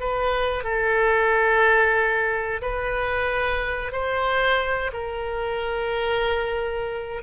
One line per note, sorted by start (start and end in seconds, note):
0.00 0.64 B4
0.64 2.61 A4
2.62 3.92 B4
3.92 4.91 C5
4.93 7.23 A#4